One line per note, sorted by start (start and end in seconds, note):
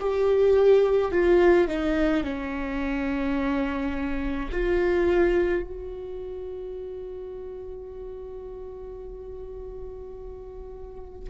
0.00 1.12 G4
1.12 1.68 F4
1.68 2.24 D#4
2.24 4.51 C#4
4.52 5.63 F4
5.63 11.30 F#4